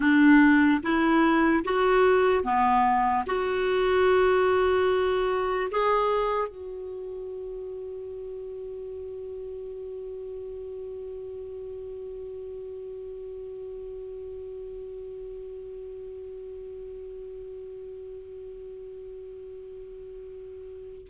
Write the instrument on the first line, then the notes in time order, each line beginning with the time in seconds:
clarinet
0.00 D4
0.82 E4
1.64 F#4
2.43 B3
3.26 F#4
5.71 G#4
6.48 F#4